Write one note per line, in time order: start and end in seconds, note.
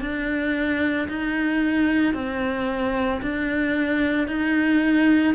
0.00 1.07 D4
1.08 2.14 D#4
2.14 3.21 C4
3.21 4.27 D4
4.27 5.34 D#4